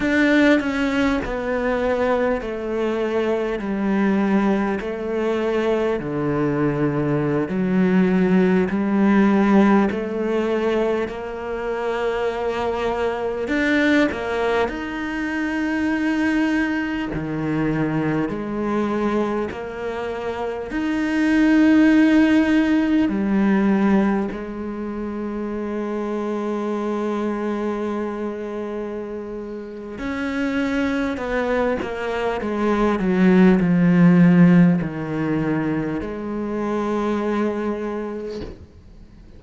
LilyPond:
\new Staff \with { instrumentName = "cello" } { \time 4/4 \tempo 4 = 50 d'8 cis'8 b4 a4 g4 | a4 d4~ d16 fis4 g8.~ | g16 a4 ais2 d'8 ais16~ | ais16 dis'2 dis4 gis8.~ |
gis16 ais4 dis'2 g8.~ | g16 gis2.~ gis8.~ | gis4 cis'4 b8 ais8 gis8 fis8 | f4 dis4 gis2 | }